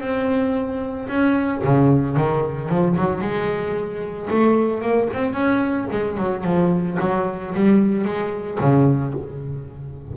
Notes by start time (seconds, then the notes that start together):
0.00 C4
1.08 C#4
1.64 C#3
2.16 D#3
2.69 F3
2.96 F#3
3.21 G#3
4.30 A3
4.81 A#3
5.13 C4
5.33 C#4
5.91 G#3
6.17 F#3
6.44 F3
7.00 F#3
7.54 G3
8.04 G#3
8.60 C#3